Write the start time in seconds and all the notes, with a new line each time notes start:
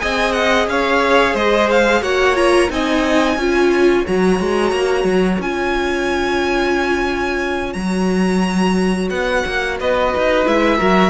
0.00 C4 G#4 D#5 G#5
0.32 F#5
0.67 C#4 C#5 F5
1.34 G#3 C5 D#5
1.71 F5
2.01 A#3 F#4 C#5 F#5
2.35 F4 A#5
2.69 C4 D#4 D#5 G#5
3.37 C#4 F4 C#5
4.06 F#3 F#4 A#5
4.40 G#3
4.72 A#3
5.04 F#3
5.39 C#4 F4 G#5
7.73 F#3 F#4 A#5
9.10 B3 F#5
9.47 A#3
9.79 B3 B4 D#5
10.17 D#4
10.45 G#3 E4 E5
10.78 F#3 F#4 A#4